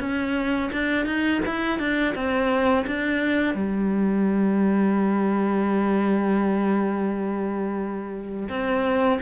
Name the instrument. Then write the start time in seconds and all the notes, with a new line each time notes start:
cello
0.00 C#4
0.73 D4
1.06 D#4
1.46 E4
1.79 D4
2.15 C4
2.87 D4
3.55 G3
8.49 C4